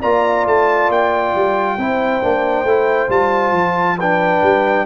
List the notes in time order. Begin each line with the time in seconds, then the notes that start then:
0.00 A#3 F4 D5 A#5
0.46 A3 A5
0.89 A#3 G5
1.35 G3
1.77 C4 E4 C5
2.22 A#3 D4
2.64 A3 E4
3.08 G3 F4 A5
3.52 F3
3.97 D4 B4 G5
4.42 G3